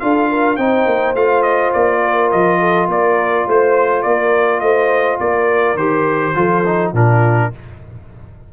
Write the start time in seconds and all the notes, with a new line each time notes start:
0.00 D4 F4 A4 F5
0.30 A#4
0.56 C4 D#4 C5 G5
0.86 A#3
1.15 A3 F4 F5
1.43 D#5
1.74 A#3 D5
2.04 A#4
2.31 F3 D#5
2.60 A4
2.88 A#3 A#4 D5
3.47 A3 C5
4.03 A#3 A#4 D5
4.60 A3 C5 D#5
5.20 A#3 A#4 D5
5.75 D#3 G4 C5
6.35 F3 F4 A4
6.66 D#4
6.93 A#2 D4 F4 A#4